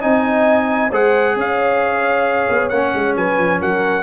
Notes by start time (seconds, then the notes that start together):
0.00 C4 D#4 D#5 G#5
0.90 G#3 G#4 C5 F#5
1.36 C#4 C#5 F5
2.49 B3
2.69 A#3 C#4 F#5
2.94 G#3
3.16 F#3 B4 G#5
3.38 F3
3.59 F#3 A#4 F#5